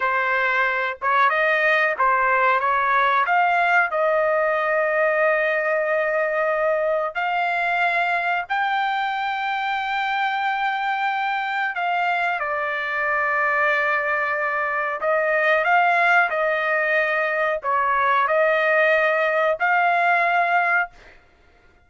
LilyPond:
\new Staff \with { instrumentName = "trumpet" } { \time 4/4 \tempo 4 = 92 c''4. cis''8 dis''4 c''4 | cis''4 f''4 dis''2~ | dis''2. f''4~ | f''4 g''2.~ |
g''2 f''4 d''4~ | d''2. dis''4 | f''4 dis''2 cis''4 | dis''2 f''2 | }